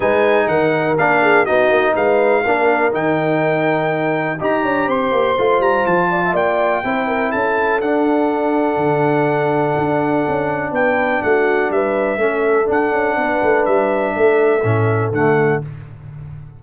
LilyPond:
<<
  \new Staff \with { instrumentName = "trumpet" } { \time 4/4 \tempo 4 = 123 gis''4 fis''4 f''4 dis''4 | f''2 g''2~ | g''4 ais''4 c'''4. ais''8 | a''4 g''2 a''4 |
fis''1~ | fis''2 g''4 fis''4 | e''2 fis''2 | e''2. fis''4 | }
  \new Staff \with { instrumentName = "horn" } { \time 4/4 b'4 ais'4. gis'8 fis'4 | b'4 ais'2.~ | ais'4 dis''8 cis''8 c''2~ | c''8 d''16 e''16 d''4 c''8 ais'8 a'4~ |
a'1~ | a'2 b'4 fis'4 | b'4 a'2 b'4~ | b'4 a'2. | }
  \new Staff \with { instrumentName = "trombone" } { \time 4/4 dis'2 d'4 dis'4~ | dis'4 d'4 dis'2~ | dis'4 g'2 f'4~ | f'2 e'2 |
d'1~ | d'1~ | d'4 cis'4 d'2~ | d'2 cis'4 a4 | }
  \new Staff \with { instrumentName = "tuba" } { \time 4/4 gis4 dis4 ais4 b8 ais8 | gis4 ais4 dis2~ | dis4 dis'8 d'8 c'8 ais8 a8 g8 | f4 ais4 c'4 cis'4 |
d'2 d2 | d'4 cis'4 b4 a4 | g4 a4 d'8 cis'8 b8 a8 | g4 a4 a,4 d4 | }
>>